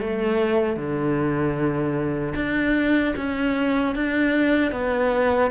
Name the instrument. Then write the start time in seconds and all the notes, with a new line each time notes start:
cello
0.00 A3
0.76 D3
2.35 D4
3.17 C#4
3.95 D4
4.72 B3